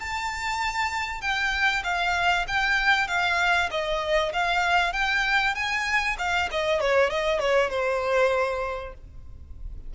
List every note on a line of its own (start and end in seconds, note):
0.00 1.21 A5
1.21 1.83 G5
1.84 2.46 F5
2.48 3.08 G5
3.08 3.70 F5
3.71 4.33 D#5
4.33 4.93 F5
4.93 5.55 G5
5.55 6.17 G#5
6.19 6.49 F5
6.51 6.81 D#5
6.81 7.10 C#5
7.10 7.40 D#5
7.40 7.70 C#5
7.70 8.94 C5